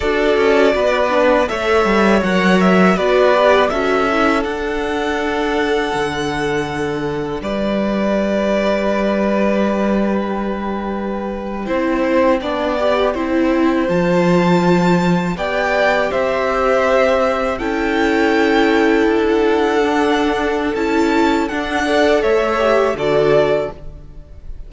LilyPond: <<
  \new Staff \with { instrumentName = "violin" } { \time 4/4 \tempo 4 = 81 d''2 e''4 fis''8 e''8 | d''4 e''4 fis''2~ | fis''2 d''2~ | d''4.~ d''16 g''2~ g''16~ |
g''2~ g''8. a''4~ a''16~ | a''8. g''4 e''2 g''16~ | g''2 fis''2 | a''4 fis''4 e''4 d''4 | }
  \new Staff \with { instrumentName = "violin" } { \time 4/4 a'4 b'4 cis''2 | b'4 a'2.~ | a'2 b'2~ | b'2.~ b'8. c''16~ |
c''8. d''4 c''2~ c''16~ | c''8. d''4 c''2 a'16~ | a'1~ | a'4. d''8 cis''4 a'4 | }
  \new Staff \with { instrumentName = "viola" } { \time 4/4 fis'4. d'8 a'4 ais'4 | fis'8 g'8 fis'8 e'8 d'2~ | d'1~ | d'2.~ d'8. e'16~ |
e'8. d'8 g'8 e'4 f'4~ f'16~ | f'8. g'2. e'16~ | e'2~ e'8. d'4~ d'16 | e'4 d'8 a'4 g'8 fis'4 | }
  \new Staff \with { instrumentName = "cello" } { \time 4/4 d'8 cis'8 b4 a8 g8 fis4 | b4 cis'4 d'2 | d2 g2~ | g2.~ g8. c'16~ |
c'8. b4 c'4 f4~ f16~ | f8. b4 c'2 cis'16~ | cis'4.~ cis'16 d'2~ d'16 | cis'4 d'4 a4 d4 | }
>>